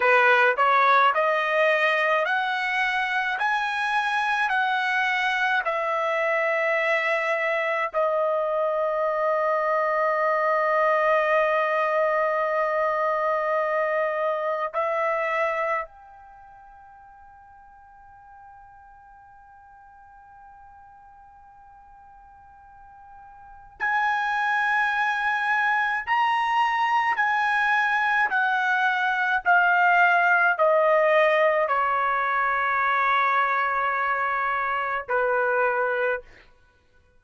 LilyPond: \new Staff \with { instrumentName = "trumpet" } { \time 4/4 \tempo 4 = 53 b'8 cis''8 dis''4 fis''4 gis''4 | fis''4 e''2 dis''4~ | dis''1~ | dis''4 e''4 g''2~ |
g''1~ | g''4 gis''2 ais''4 | gis''4 fis''4 f''4 dis''4 | cis''2. b'4 | }